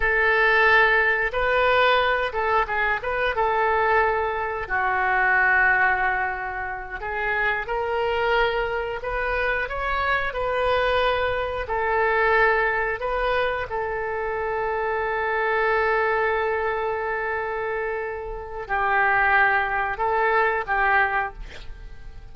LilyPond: \new Staff \with { instrumentName = "oboe" } { \time 4/4 \tempo 4 = 90 a'2 b'4. a'8 | gis'8 b'8 a'2 fis'4~ | fis'2~ fis'8 gis'4 ais'8~ | ais'4. b'4 cis''4 b'8~ |
b'4. a'2 b'8~ | b'8 a'2.~ a'8~ | a'1 | g'2 a'4 g'4 | }